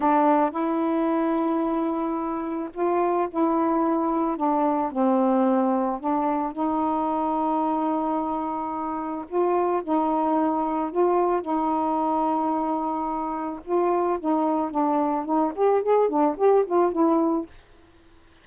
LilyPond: \new Staff \with { instrumentName = "saxophone" } { \time 4/4 \tempo 4 = 110 d'4 e'2.~ | e'4 f'4 e'2 | d'4 c'2 d'4 | dis'1~ |
dis'4 f'4 dis'2 | f'4 dis'2.~ | dis'4 f'4 dis'4 d'4 | dis'8 g'8 gis'8 d'8 g'8 f'8 e'4 | }